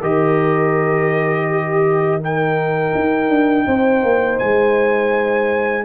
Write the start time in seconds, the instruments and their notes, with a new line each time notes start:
0.00 tuba D#3, trombone G4, horn A#4, trumpet D#5
1.50 horn G4
2.20 trombone D#4, horn A#4, trumpet G5
2.95 tuba D#4
3.29 tuba D4
3.66 tuba C4, horn C5
4.03 tuba A#3
4.39 tuba G#3, trumpet G#5